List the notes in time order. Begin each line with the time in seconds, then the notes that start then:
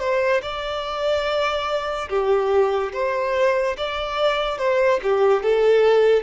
0.00 C5
0.42 D5
2.10 G4
2.94 C5
3.78 D5
4.59 C5
5.03 G4
5.44 A4